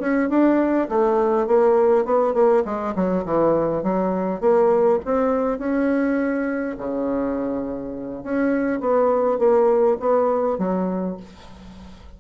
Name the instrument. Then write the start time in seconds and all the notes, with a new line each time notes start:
bassoon
0.00 C#4
0.29 D4
0.89 A3
1.47 A#3
2.05 B3
2.34 A#3
2.65 G#3
2.95 F#3
3.25 E3
3.83 F#3
4.41 A#3
5.05 C4
5.59 C#4
6.78 C#3
8.24 C#4
8.80 B3
9.39 A#3
10.00 B3
10.58 F#3